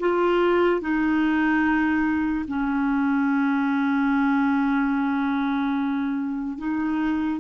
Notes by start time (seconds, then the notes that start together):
0.00 F4
0.81 D#4
2.48 C#4
6.58 D#4